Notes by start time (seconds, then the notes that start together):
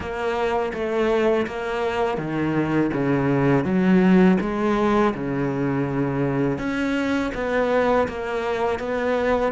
0.00 A#3
0.73 A3
1.46 A#3
2.17 D#3
2.93 C#3
3.64 F#3
4.40 G#3
5.14 C#3
6.58 C#4
7.34 B3
8.08 A#3
8.79 B3